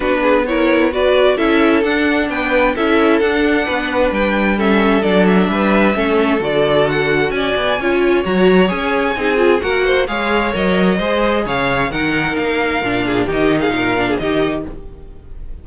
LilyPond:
<<
  \new Staff \with { instrumentName = "violin" } { \time 4/4 \tempo 4 = 131 b'4 cis''4 d''4 e''4 | fis''4 g''4 e''4 fis''4~ | fis''4 g''4 e''4 d''8 e''8~ | e''2 d''4 fis''4 |
gis''2 ais''4 gis''4~ | gis''4 fis''4 f''4 dis''4~ | dis''4 f''4 fis''4 f''4~ | f''4 dis''8. f''4~ f''16 dis''4 | }
  \new Staff \with { instrumentName = "violin" } { \time 4/4 fis'8 gis'8 ais'4 b'4 a'4~ | a'4 b'4 a'2 | b'2 a'2 | b'4 a'2. |
d''4 cis''2. | gis'4 ais'8 c''8 cis''2 | c''4 cis''4 ais'2~ | ais'8 gis'8 g'8. gis'16 ais'8. gis'16 g'4 | }
  \new Staff \with { instrumentName = "viola" } { \time 4/4 d'4 e'4 fis'4 e'4 | d'2 e'4 d'4~ | d'2 cis'4 d'4~ | d'4 cis'4 fis'2~ |
fis'4 f'4 fis'4 gis'4 | dis'8 f'8 fis'4 gis'4 ais'4 | gis'2 dis'2 | d'4 dis'4. d'8 dis'4 | }
  \new Staff \with { instrumentName = "cello" } { \time 4/4 b2. cis'4 | d'4 b4 cis'4 d'4 | b4 g2 fis4 | g4 a4 d2 |
cis'8 b8 cis'4 fis4 cis'4 | c'4 ais4 gis4 fis4 | gis4 cis4 dis4 ais4 | ais,4 dis4 ais,4 dis4 | }
>>